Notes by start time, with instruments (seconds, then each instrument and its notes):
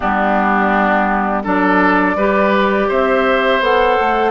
0.00 bassoon G3, clarinet B3, oboe D4, flute G4
1.44 bassoon F#3, clarinet D4, oboe A4, flute D5
2.15 bassoon G3, clarinet G4, oboe B4
2.88 bassoon C4, oboe C5, flute E5
3.60 bassoon B3, clarinet A4, flute F#5
4.00 bassoon A3